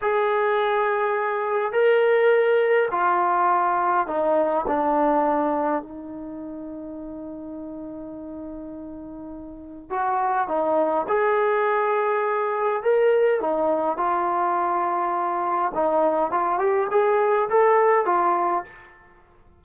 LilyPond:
\new Staff \with { instrumentName = "trombone" } { \time 4/4 \tempo 4 = 103 gis'2. ais'4~ | ais'4 f'2 dis'4 | d'2 dis'2~ | dis'1~ |
dis'4 fis'4 dis'4 gis'4~ | gis'2 ais'4 dis'4 | f'2. dis'4 | f'8 g'8 gis'4 a'4 f'4 | }